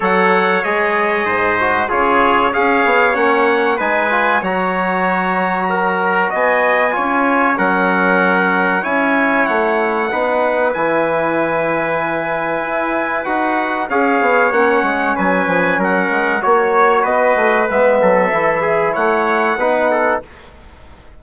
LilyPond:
<<
  \new Staff \with { instrumentName = "trumpet" } { \time 4/4 \tempo 4 = 95 fis''4 dis''2 cis''4 | f''4 fis''4 gis''4 ais''4~ | ais''2 gis''2 | fis''2 gis''4 fis''4~ |
fis''4 gis''2.~ | gis''4 fis''4 f''4 fis''4 | gis''4 fis''4 cis''4 dis''4 | e''2 fis''2 | }
  \new Staff \with { instrumentName = "trumpet" } { \time 4/4 cis''2 c''4 gis'4 | cis''2 b'4 cis''4~ | cis''4 ais'4 dis''4 cis''4 | ais'2 cis''2 |
b'1~ | b'2 cis''2 | b'4 ais'4 cis''4 b'4~ | b'8 a'4 gis'8 cis''4 b'8 a'8 | }
  \new Staff \with { instrumentName = "trombone" } { \time 4/4 a'4 gis'4. fis'8 f'4 | gis'4 cis'4 dis'8 f'8 fis'4~ | fis'2. f'4 | cis'2 e'2 |
dis'4 e'2.~ | e'4 fis'4 gis'4 cis'4~ | cis'2 fis'2 | b4 e'2 dis'4 | }
  \new Staff \with { instrumentName = "bassoon" } { \time 4/4 fis4 gis4 gis,4 cis4 | cis'8 b8 ais4 gis4 fis4~ | fis2 b4 cis'4 | fis2 cis'4 a4 |
b4 e2. | e'4 dis'4 cis'8 b8 ais8 gis8 | fis8 f8 fis8 gis8 ais4 b8 a8 | gis8 fis8 e4 a4 b4 | }
>>